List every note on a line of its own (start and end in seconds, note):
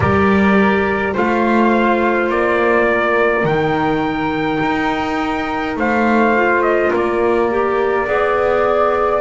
0.00 1.15 G3
0.00 1.12 G4
0.00 1.13 A#4
0.00 1.15 D5
1.12 2.29 A3
1.12 3.43 F4
1.12 2.86 C5
1.12 2.30 F5
2.29 3.43 A#3
2.29 3.45 D5
2.91 5.78 A#4
3.43 4.59 D#3
3.43 6.36 D#4
3.43 5.76 G5
4.62 5.76 D#4
5.76 6.91 A3
5.76 6.91 C5
5.76 6.62 F5
6.36 7.50 F4
6.62 6.91 D#5
6.91 8.07 A#3
6.91 8.06 A#4
6.91 9.21 D5
7.50 8.06 G4
8.06 9.21 B3
8.06 9.21 G#4
8.06 9.21 D5